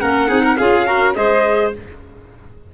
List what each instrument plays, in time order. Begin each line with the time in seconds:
0.00 tuba A#3, clarinet C#4, violin A#4, trumpet F#5
0.28 tuba C4, clarinet D#4, violin G#4
0.43 violin A#4
0.58 tuba C#4, clarinet F4, violin G#4, trumpet F5
0.86 clarinet F#4, violin A#4
1.15 tuba G#3, clarinet G#4, violin C5, trumpet D#5